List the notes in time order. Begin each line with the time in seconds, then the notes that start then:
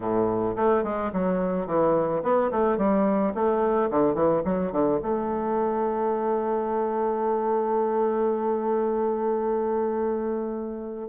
0.00 A2
0.56 A3
0.83 G#3
1.12 F#3
1.67 E3
2.22 B3
2.51 A3
2.77 G3
3.34 A3
3.90 D3
4.14 E3
4.44 F#3
4.71 D3
5.02 A3